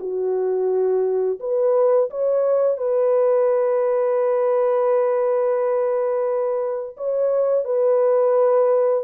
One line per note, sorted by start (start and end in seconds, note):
0.00 1.40 F#4
1.40 2.10 B4
2.10 2.78 C#5
2.78 6.96 B4
6.97 7.65 C#5
7.65 9.04 B4